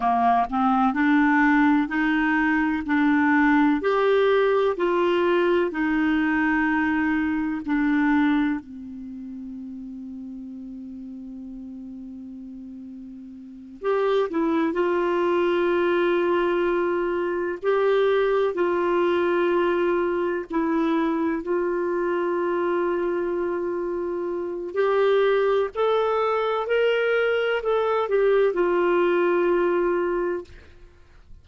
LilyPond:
\new Staff \with { instrumentName = "clarinet" } { \time 4/4 \tempo 4 = 63 ais8 c'8 d'4 dis'4 d'4 | g'4 f'4 dis'2 | d'4 c'2.~ | c'2~ c'8 g'8 e'8 f'8~ |
f'2~ f'8 g'4 f'8~ | f'4. e'4 f'4.~ | f'2 g'4 a'4 | ais'4 a'8 g'8 f'2 | }